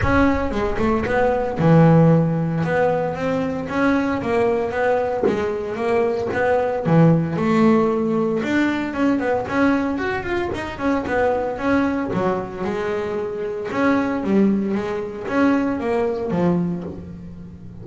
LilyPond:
\new Staff \with { instrumentName = "double bass" } { \time 4/4 \tempo 4 = 114 cis'4 gis8 a8 b4 e4~ | e4 b4 c'4 cis'4 | ais4 b4 gis4 ais4 | b4 e4 a2 |
d'4 cis'8 b8 cis'4 fis'8 f'8 | dis'8 cis'8 b4 cis'4 fis4 | gis2 cis'4 g4 | gis4 cis'4 ais4 f4 | }